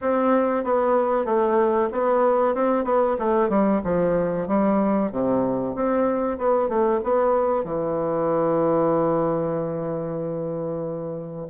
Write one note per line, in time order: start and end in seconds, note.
0.01 0.64 C4
0.64 1.25 B3
1.25 1.89 A3
1.91 2.54 B3
2.54 2.84 C4
2.84 3.16 B3
3.18 3.49 A3
3.49 3.81 G3
3.84 4.47 F3
4.47 5.11 G3
5.11 5.74 C3
5.74 6.37 C4
6.37 6.68 B3
6.68 7.00 A3
7.03 7.64 B3
7.64 11.47 E3